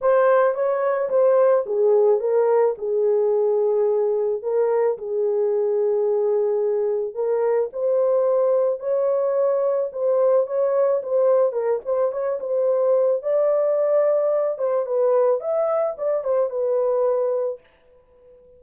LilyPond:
\new Staff \with { instrumentName = "horn" } { \time 4/4 \tempo 4 = 109 c''4 cis''4 c''4 gis'4 | ais'4 gis'2. | ais'4 gis'2.~ | gis'4 ais'4 c''2 |
cis''2 c''4 cis''4 | c''4 ais'8 c''8 cis''8 c''4. | d''2~ d''8 c''8 b'4 | e''4 d''8 c''8 b'2 | }